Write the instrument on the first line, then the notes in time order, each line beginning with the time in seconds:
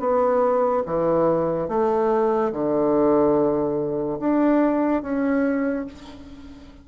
bassoon
0.00 B3
0.86 E3
1.69 A3
2.53 D3
4.20 D4
5.03 C#4